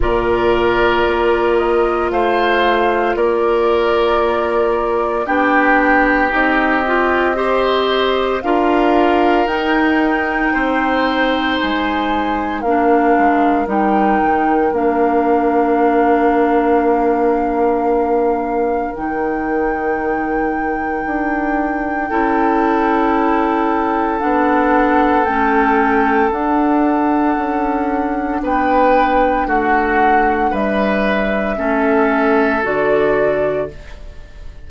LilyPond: <<
  \new Staff \with { instrumentName = "flute" } { \time 4/4 \tempo 4 = 57 d''4. dis''8 f''4 d''4~ | d''4 g''4 dis''2 | f''4 g''2 gis''4 | f''4 g''4 f''2~ |
f''2 g''2~ | g''2. fis''4 | g''4 fis''2 g''4 | fis''4 e''2 d''4 | }
  \new Staff \with { instrumentName = "oboe" } { \time 4/4 ais'2 c''4 ais'4~ | ais'4 g'2 c''4 | ais'2 c''2 | ais'1~ |
ais'1~ | ais'4 a'2.~ | a'2. b'4 | fis'4 b'4 a'2 | }
  \new Staff \with { instrumentName = "clarinet" } { \time 4/4 f'1~ | f'4 d'4 dis'8 f'8 g'4 | f'4 dis'2. | d'4 dis'4 d'2~ |
d'2 dis'2~ | dis'4 e'2 d'4 | cis'4 d'2.~ | d'2 cis'4 fis'4 | }
  \new Staff \with { instrumentName = "bassoon" } { \time 4/4 ais,4 ais4 a4 ais4~ | ais4 b4 c'2 | d'4 dis'4 c'4 gis4 | ais8 gis8 g8 dis8 ais2~ |
ais2 dis2 | d'4 cis'2 b4 | a4 d'4 cis'4 b4 | a4 g4 a4 d4 | }
>>